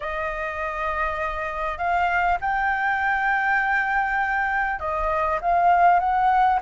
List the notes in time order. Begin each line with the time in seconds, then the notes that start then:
0.00 D#5
1.78 F5
2.40 G5
4.79 D#5
5.41 F5
5.99 F#5